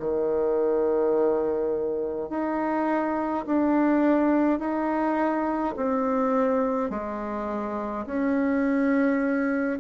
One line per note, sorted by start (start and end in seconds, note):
0.00 2.30 D#3
2.30 3.45 D#4
3.47 4.59 D4
4.59 5.75 D#4
5.77 6.90 C4
6.90 8.06 G#3
8.07 9.80 C#4